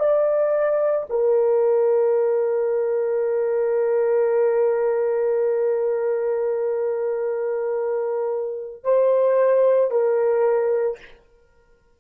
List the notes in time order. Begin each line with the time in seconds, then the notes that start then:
0.00 D5
1.10 A#4
8.84 C5
9.91 A#4